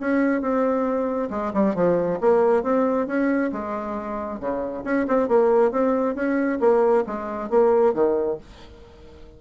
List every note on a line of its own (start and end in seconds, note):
0.00 0.41 C#4
0.41 1.29 C4
1.30 1.52 G#3
1.53 1.75 G3
1.75 2.19 F3
2.21 2.63 A#3
2.63 3.07 C4
3.07 3.51 C#4
3.52 4.40 G#3
4.40 4.84 C#3
4.84 5.06 C#4
5.08 5.28 C4
5.28 5.71 A#3
5.71 6.15 C4
6.15 6.59 C#4
6.60 7.04 A#3
7.07 7.50 G#3
7.50 7.94 A#3
7.94 8.38 D#3